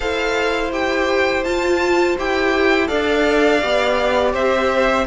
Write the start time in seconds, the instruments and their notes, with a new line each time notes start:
0.00 cello E4, viola A4, violin C5 F5
0.72 viola G4, violin G5
1.44 cello F4, viola F4, violin A5
2.17 cello E4, viola G4, violin G5
2.87 cello D4, viola A4, violin D5 F5
3.61 cello B3, viola G4
4.32 cello C4, violin C5 E5